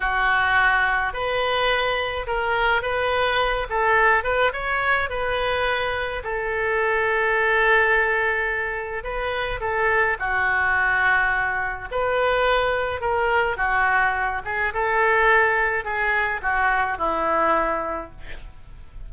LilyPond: \new Staff \with { instrumentName = "oboe" } { \time 4/4 \tempo 4 = 106 fis'2 b'2 | ais'4 b'4. a'4 b'8 | cis''4 b'2 a'4~ | a'1 |
b'4 a'4 fis'2~ | fis'4 b'2 ais'4 | fis'4. gis'8 a'2 | gis'4 fis'4 e'2 | }